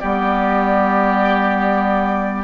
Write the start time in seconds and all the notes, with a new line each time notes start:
0.00 G3 B3 G4 D5